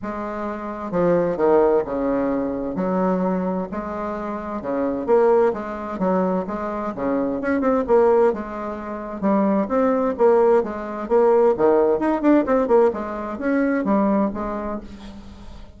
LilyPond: \new Staff \with { instrumentName = "bassoon" } { \time 4/4 \tempo 4 = 130 gis2 f4 dis4 | cis2 fis2 | gis2 cis4 ais4 | gis4 fis4 gis4 cis4 |
cis'8 c'8 ais4 gis2 | g4 c'4 ais4 gis4 | ais4 dis4 dis'8 d'8 c'8 ais8 | gis4 cis'4 g4 gis4 | }